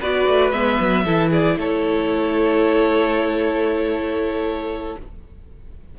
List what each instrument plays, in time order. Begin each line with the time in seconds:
0.00 cello B3, viola F#4, violin B4 D5
0.28 cello A3
0.51 cello G#3, viola B3, violin E5
0.80 cello F#3
1.05 cello E3, viola E4, violin A4
1.30 violin G#4 D5
1.56 cello A3, violin A4 C#5